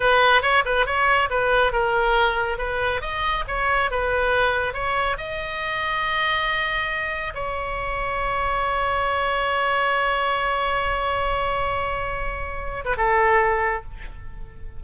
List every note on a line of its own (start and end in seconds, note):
0.00 0.42 B4
0.42 0.63 C#5
0.65 0.86 B4
0.86 1.29 C#5
1.30 1.72 B4
1.72 2.57 A#4
2.57 3.01 B4
3.01 3.44 D#5
3.47 3.90 C#5
3.90 4.73 B4
4.73 5.16 C#5
5.17 7.33 D#5
7.34 12.84 C#5
12.84 12.95 B4
12.97 13.83 A4